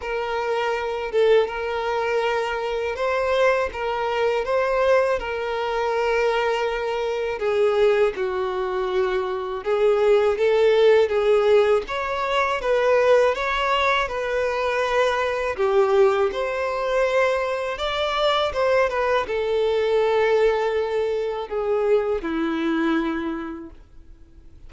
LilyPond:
\new Staff \with { instrumentName = "violin" } { \time 4/4 \tempo 4 = 81 ais'4. a'8 ais'2 | c''4 ais'4 c''4 ais'4~ | ais'2 gis'4 fis'4~ | fis'4 gis'4 a'4 gis'4 |
cis''4 b'4 cis''4 b'4~ | b'4 g'4 c''2 | d''4 c''8 b'8 a'2~ | a'4 gis'4 e'2 | }